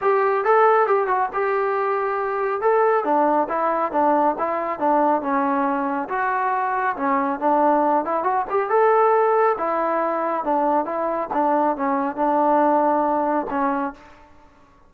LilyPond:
\new Staff \with { instrumentName = "trombone" } { \time 4/4 \tempo 4 = 138 g'4 a'4 g'8 fis'8 g'4~ | g'2 a'4 d'4 | e'4 d'4 e'4 d'4 | cis'2 fis'2 |
cis'4 d'4. e'8 fis'8 g'8 | a'2 e'2 | d'4 e'4 d'4 cis'4 | d'2. cis'4 | }